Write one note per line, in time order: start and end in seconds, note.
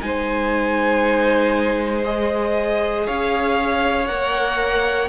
0.00 3.07 G#3
0.00 2.03 D#4
0.00 3.06 C5
0.00 2.05 G#5
2.04 4.07 G#4
2.04 3.07 D#5
3.06 4.10 C#4
3.06 5.09 C#5
3.06 4.07 F5
4.07 5.09 A#3
4.07 5.09 A#4
4.07 5.08 F#5